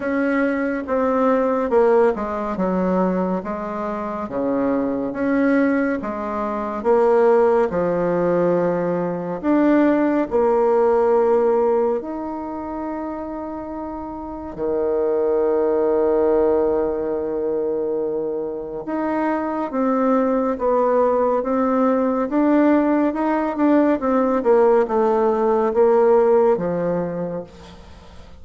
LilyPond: \new Staff \with { instrumentName = "bassoon" } { \time 4/4 \tempo 4 = 70 cis'4 c'4 ais8 gis8 fis4 | gis4 cis4 cis'4 gis4 | ais4 f2 d'4 | ais2 dis'2~ |
dis'4 dis2.~ | dis2 dis'4 c'4 | b4 c'4 d'4 dis'8 d'8 | c'8 ais8 a4 ais4 f4 | }